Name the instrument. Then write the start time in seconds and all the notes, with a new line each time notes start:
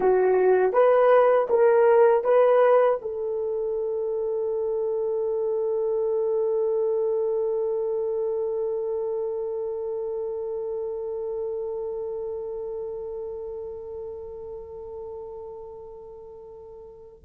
horn
0.00 F#4
0.72 B4
1.49 A#4
2.24 B4
3.01 A4